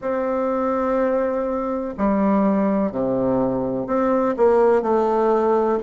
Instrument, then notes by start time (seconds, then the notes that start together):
bassoon
0.00 C4
1.97 G3
2.91 C3
3.87 C4
4.36 A#3
4.82 A3